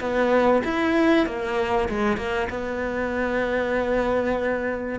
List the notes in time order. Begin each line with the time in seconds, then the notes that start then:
0.00 B3
0.64 E4
1.26 A#3
1.89 G#3
2.17 A#3
2.50 B3